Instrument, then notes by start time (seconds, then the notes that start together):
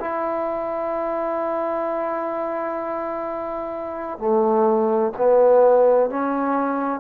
trombone
0.00 E4
4.18 A3
5.18 B3
6.10 C#4